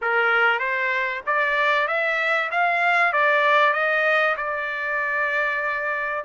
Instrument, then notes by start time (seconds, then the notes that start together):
trumpet
0.01 A#4
0.59 C5
1.26 D5
1.87 E5
2.51 F5
3.12 D5
3.73 D#5
4.37 D5